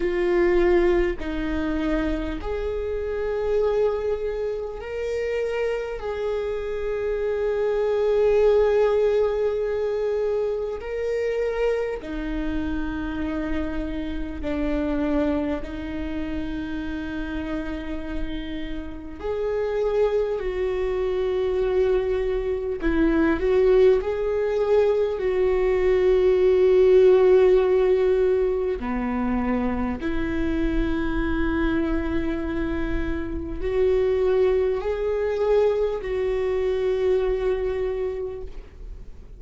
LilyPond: \new Staff \with { instrumentName = "viola" } { \time 4/4 \tempo 4 = 50 f'4 dis'4 gis'2 | ais'4 gis'2.~ | gis'4 ais'4 dis'2 | d'4 dis'2. |
gis'4 fis'2 e'8 fis'8 | gis'4 fis'2. | b4 e'2. | fis'4 gis'4 fis'2 | }